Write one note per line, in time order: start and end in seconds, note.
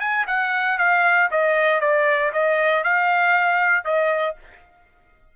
0.00 0.26 G#5
0.27 0.78 F#5
0.78 1.30 F5
1.31 1.81 D#5
1.81 2.32 D5
2.33 2.84 D#5
2.84 3.85 F5
3.85 4.36 D#5